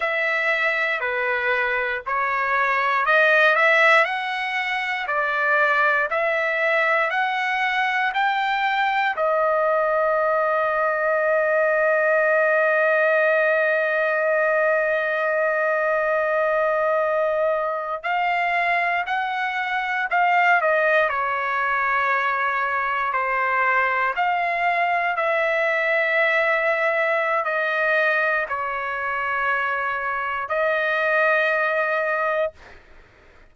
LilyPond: \new Staff \with { instrumentName = "trumpet" } { \time 4/4 \tempo 4 = 59 e''4 b'4 cis''4 dis''8 e''8 | fis''4 d''4 e''4 fis''4 | g''4 dis''2.~ | dis''1~ |
dis''4.~ dis''16 f''4 fis''4 f''16~ | f''16 dis''8 cis''2 c''4 f''16~ | f''8. e''2~ e''16 dis''4 | cis''2 dis''2 | }